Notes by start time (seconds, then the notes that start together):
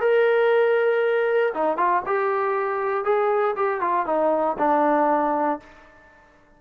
0.00 A#4
1.54 D#4
1.77 F4
2.05 G4
3.04 G#4
3.55 G4
3.80 F4
4.06 D#4
4.58 D4